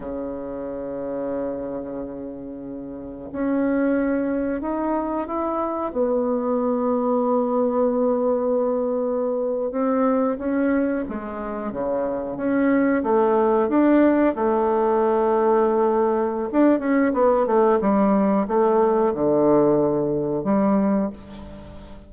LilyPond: \new Staff \with { instrumentName = "bassoon" } { \time 4/4 \tempo 4 = 91 cis1~ | cis4 cis'2 dis'4 | e'4 b2.~ | b2~ b8. c'4 cis'16~ |
cis'8. gis4 cis4 cis'4 a16~ | a8. d'4 a2~ a16~ | a4 d'8 cis'8 b8 a8 g4 | a4 d2 g4 | }